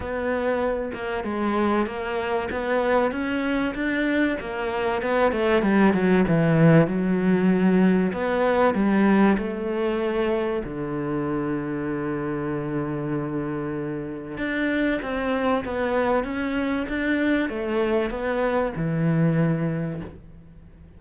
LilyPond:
\new Staff \with { instrumentName = "cello" } { \time 4/4 \tempo 4 = 96 b4. ais8 gis4 ais4 | b4 cis'4 d'4 ais4 | b8 a8 g8 fis8 e4 fis4~ | fis4 b4 g4 a4~ |
a4 d2.~ | d2. d'4 | c'4 b4 cis'4 d'4 | a4 b4 e2 | }